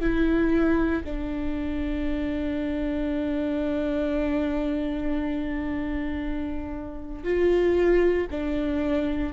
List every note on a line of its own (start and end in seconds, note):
0.00 1.03 E4
1.04 7.24 D4
7.24 8.27 F4
8.30 9.33 D4